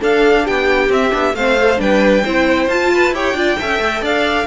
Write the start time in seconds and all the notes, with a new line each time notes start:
0.00 D4 A4 F5
0.44 B3 G4 G5
0.89 C4 E5
1.11 B3 D4
1.34 A3 C4 C5 F5
1.58 A4
1.77 G3 D4 B4 G5
2.24 C4 E4 C5
2.67 F4 A5
2.93 B4
3.10 E4 G4 C#5 G5
3.33 D4 F4 D5
3.59 C#4 A4 E5
3.79 A3
4.01 D4 D5 F5